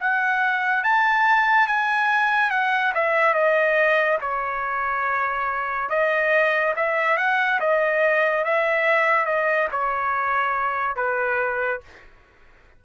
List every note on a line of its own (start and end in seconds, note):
0.00 0.84 F#5
0.84 1.67 A5
1.67 2.50 G#5
2.50 2.93 F#5
2.95 3.34 E5
3.34 4.19 D#5
4.21 5.90 C#5
5.90 6.74 D#5
6.76 7.18 E5
7.18 7.60 F#5
7.60 8.45 D#5
8.45 9.26 E5
9.26 9.68 D#5
9.71 10.96 C#5
10.96 11.81 B4